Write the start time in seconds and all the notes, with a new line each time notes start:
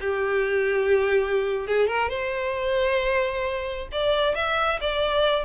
0.00 G4
1.67 G#4
1.87 A#4
2.09 C5
3.92 D5
4.35 E5
4.80 D5